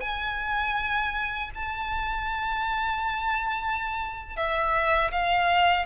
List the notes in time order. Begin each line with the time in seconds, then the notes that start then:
0.00 G#5
1.55 A5
4.36 E5
5.11 F5